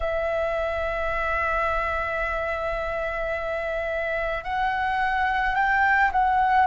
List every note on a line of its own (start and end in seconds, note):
0.00 4.43 E5
4.43 5.55 F#5
5.55 6.11 G5
6.12 6.67 F#5